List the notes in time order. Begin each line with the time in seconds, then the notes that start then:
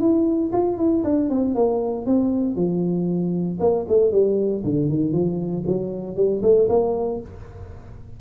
0.00 E4
0.52 F4
0.78 E4
1.04 D4
1.30 C4
1.55 A#3
2.06 C4
2.56 F3
3.60 A#3
3.89 A3
4.12 G3
4.64 D3
4.90 D#3
5.13 F3
5.67 F#3
6.16 G3
6.43 A3
6.69 A#3